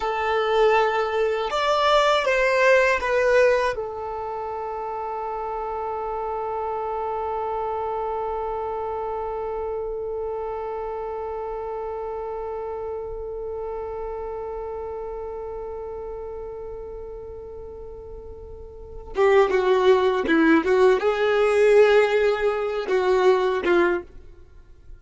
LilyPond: \new Staff \with { instrumentName = "violin" } { \time 4/4 \tempo 4 = 80 a'2 d''4 c''4 | b'4 a'2.~ | a'1~ | a'1~ |
a'1~ | a'1~ | a'4. g'8 fis'4 e'8 fis'8 | gis'2~ gis'8 fis'4 f'8 | }